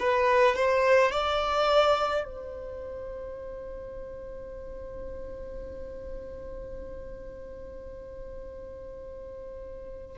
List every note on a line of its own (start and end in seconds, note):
0.00 0.56 B4
0.56 1.12 C5
1.12 2.25 D5
2.25 10.17 C5